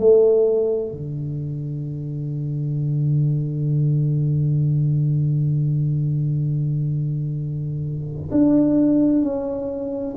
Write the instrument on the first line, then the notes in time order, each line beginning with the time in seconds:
tuba
0.00 A3
0.92 D3
8.32 D4
9.23 C#4